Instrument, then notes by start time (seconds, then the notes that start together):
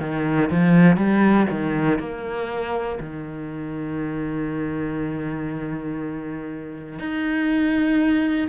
cello
0.00 D#3
0.51 F3
0.97 G3
1.50 D#3
1.99 A#3
3.00 D#3
7.00 D#4